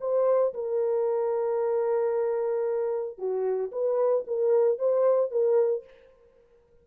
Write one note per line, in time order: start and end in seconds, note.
0.00 0.53 C5
0.53 3.18 A#4
3.18 3.71 F#4
3.71 4.24 B4
4.27 4.78 A#4
4.78 5.31 C5
5.31 5.84 A#4